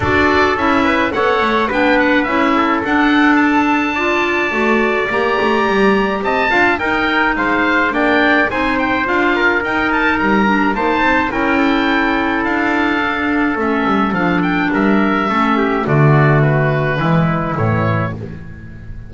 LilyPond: <<
  \new Staff \with { instrumentName = "oboe" } { \time 4/4 \tempo 4 = 106 d''4 e''4 fis''4 g''8 fis''8 | e''4 fis''4 a''2~ | a''4 ais''2 a''4 | g''4 f''4 g''4 gis''8 g''8 |
f''4 g''8 a''8 ais''4 a''4 | g''2 f''2 | e''4 f''8 g''8 e''2 | d''4 b'2 cis''4 | }
  \new Staff \with { instrumentName = "trumpet" } { \time 4/4 a'4. b'8 cis''4 b'4~ | b'8 a'2~ a'8 d''4~ | d''2. dis''8 f''8 | ais'4 c''4 d''4 c''4~ |
c''8 ais'2~ ais'8 c''4 | ais'8 a'2.~ a'8~ | a'2 ais'4 a'8 g'8 | fis'2 e'2 | }
  \new Staff \with { instrumentName = "clarinet" } { \time 4/4 fis'4 e'4 a'4 d'4 | e'4 d'2 f'4 | fis'4 g'2~ g'8 f'8 | dis'2 d'4 dis'4 |
f'4 dis'4. d'8 dis'4 | e'2. d'4 | cis'4 d'2 cis'4 | a2 gis4 e4 | }
  \new Staff \with { instrumentName = "double bass" } { \time 4/4 d'4 cis'4 b8 a8 b4 | cis'4 d'2. | a4 ais8 a8 g4 c'8 d'8 | dis'4 gis4 ais4 c'4 |
d'4 dis'4 g4 ais8 c'8 | cis'2 d'2 | a8 g8 f4 g4 a4 | d2 e4 a,4 | }
>>